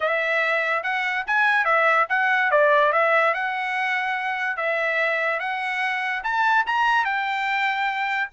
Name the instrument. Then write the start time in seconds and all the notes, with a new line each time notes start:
trumpet
0.00 E5
0.83 F#5
1.26 G#5
1.64 E5
2.09 F#5
2.51 D5
2.92 E5
3.34 F#5
4.56 E5
5.39 F#5
6.23 A5
6.66 A#5
7.04 G5